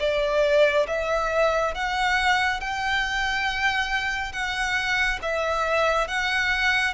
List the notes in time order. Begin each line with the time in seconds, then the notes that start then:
0.00 D5
0.88 E5
1.75 F#5
2.60 G5
4.33 F#5
5.23 E5
6.08 F#5